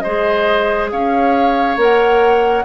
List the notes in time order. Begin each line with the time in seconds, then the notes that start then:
0.00 G#3 G#4 C5 D#5
0.91 C#4 C#5 F5
1.77 A#3 A#4 F#5